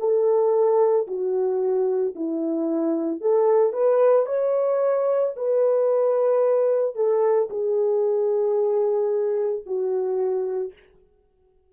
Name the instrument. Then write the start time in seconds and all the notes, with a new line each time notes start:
horn
0.00 A4
1.08 F#4
2.16 E4
3.21 A4
3.73 B4
4.27 C#5
5.37 B4
6.96 A4
7.50 G#4
9.66 F#4